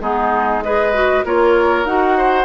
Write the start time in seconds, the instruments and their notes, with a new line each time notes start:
0.00 bassoon G#3, clarinet B3, oboe D#4, flute G#4
0.62 clarinet G#4, oboe B4, flute D#5
0.94 clarinet F#4
1.24 bassoon A#3, clarinet F4, oboe A#4, flute C#5
1.85 bassoon D#4, clarinet F#4, flute F#5
2.17 oboe C5